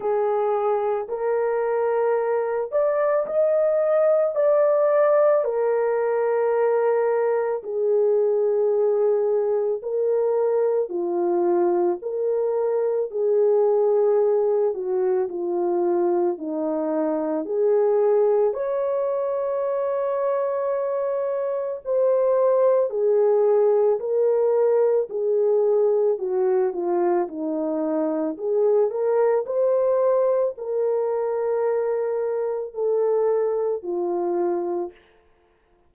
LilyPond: \new Staff \with { instrumentName = "horn" } { \time 4/4 \tempo 4 = 55 gis'4 ais'4. d''8 dis''4 | d''4 ais'2 gis'4~ | gis'4 ais'4 f'4 ais'4 | gis'4. fis'8 f'4 dis'4 |
gis'4 cis''2. | c''4 gis'4 ais'4 gis'4 | fis'8 f'8 dis'4 gis'8 ais'8 c''4 | ais'2 a'4 f'4 | }